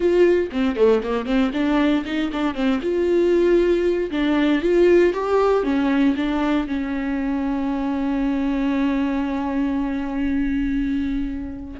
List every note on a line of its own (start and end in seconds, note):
0.00 0.50 F4
0.52 0.76 C4
0.76 1.01 A3
1.03 1.25 A#3
1.25 1.51 C4
1.53 2.04 D4
2.05 2.31 D#4
2.32 2.54 D4
2.54 2.79 C4
2.82 4.10 F4
4.10 4.62 D4
4.62 5.13 F4
5.13 5.63 G4
5.63 6.15 C#4
6.16 6.67 D4
6.67 11.79 C#4